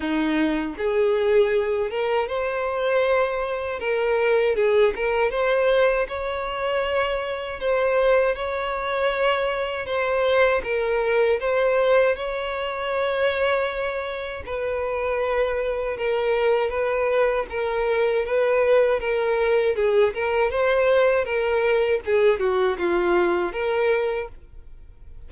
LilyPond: \new Staff \with { instrumentName = "violin" } { \time 4/4 \tempo 4 = 79 dis'4 gis'4. ais'8 c''4~ | c''4 ais'4 gis'8 ais'8 c''4 | cis''2 c''4 cis''4~ | cis''4 c''4 ais'4 c''4 |
cis''2. b'4~ | b'4 ais'4 b'4 ais'4 | b'4 ais'4 gis'8 ais'8 c''4 | ais'4 gis'8 fis'8 f'4 ais'4 | }